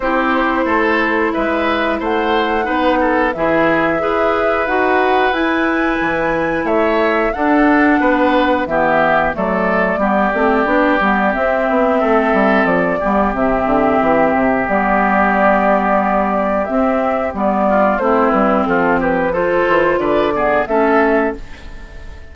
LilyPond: <<
  \new Staff \with { instrumentName = "flute" } { \time 4/4 \tempo 4 = 90 c''2 e''4 fis''4~ | fis''4 e''2 fis''4 | gis''2 e''4 fis''4~ | fis''4 e''4 d''2~ |
d''4 e''2 d''4 | e''2 d''2~ | d''4 e''4 d''4 c''8 b'8 | a'8 b'8 c''4 d''4 e''4 | }
  \new Staff \with { instrumentName = "oboe" } { \time 4/4 g'4 a'4 b'4 c''4 | b'8 a'8 gis'4 b'2~ | b'2 cis''4 a'4 | b'4 g'4 a'4 g'4~ |
g'2 a'4. g'8~ | g'1~ | g'2~ g'8 f'8 e'4 | f'8 g'8 a'4 b'8 gis'8 a'4 | }
  \new Staff \with { instrumentName = "clarinet" } { \time 4/4 e'1 | dis'4 e'4 gis'4 fis'4 | e'2. d'4~ | d'4 b4 a4 b8 c'8 |
d'8 b8 c'2~ c'8 b8 | c'2 b2~ | b4 c'4 b4 c'4~ | c'4 f'4. b8 cis'4 | }
  \new Staff \with { instrumentName = "bassoon" } { \time 4/4 c'4 a4 gis4 a4 | b4 e4 e'4 dis'4 | e'4 e4 a4 d'4 | b4 e4 fis4 g8 a8 |
b8 g8 c'8 b8 a8 g8 f8 g8 | c8 d8 e8 c8 g2~ | g4 c'4 g4 a8 g8 | f4. e8 d4 a4 | }
>>